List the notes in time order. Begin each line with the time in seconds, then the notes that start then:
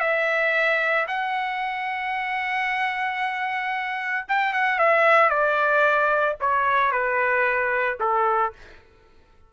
0.00 E5
1.07 F#5
4.28 G5
4.53 F#5
4.79 E5
5.29 D5
6.40 C#5
6.91 B4
8.00 A4